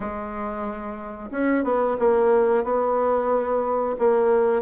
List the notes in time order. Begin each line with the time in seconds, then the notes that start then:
0.00 G#3
1.31 C#4
1.64 B3
1.99 A#3
2.64 B3
3.98 A#3